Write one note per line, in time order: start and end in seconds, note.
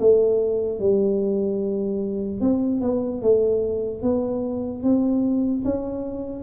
0.00 0.79 A3
0.79 2.41 G3
2.41 2.81 C4
2.81 3.22 B3
3.22 4.02 A3
4.02 4.83 B3
4.83 5.64 C4
5.65 6.43 C#4